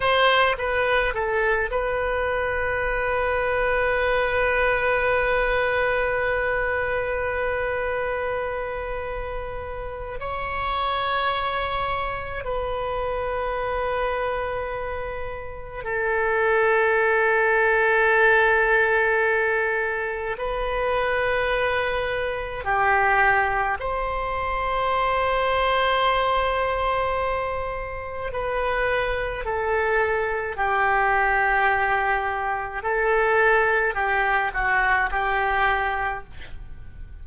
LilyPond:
\new Staff \with { instrumentName = "oboe" } { \time 4/4 \tempo 4 = 53 c''8 b'8 a'8 b'2~ b'8~ | b'1~ | b'4 cis''2 b'4~ | b'2 a'2~ |
a'2 b'2 | g'4 c''2.~ | c''4 b'4 a'4 g'4~ | g'4 a'4 g'8 fis'8 g'4 | }